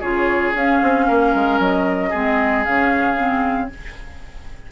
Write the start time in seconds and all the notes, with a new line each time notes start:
0.00 C#3 F4 G#4 C#5
0.54 C#4 F5
0.82 C4
1.08 A#3 A#4
1.34 G#3
1.59 F#3 D#5
2.10 G#3 C4 G#4
2.64 C#3 C#4 F5
3.17 C4